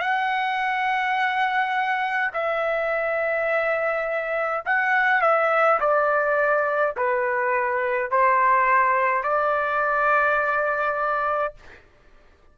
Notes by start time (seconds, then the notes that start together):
0.00 F#5
2.33 E5
4.65 F#5
5.21 E5
5.80 D5
6.97 B4
8.11 C5
9.23 D5